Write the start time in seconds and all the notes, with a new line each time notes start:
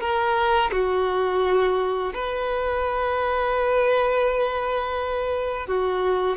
0.00 A#4
0.72 F#4
2.14 B4
5.67 F#4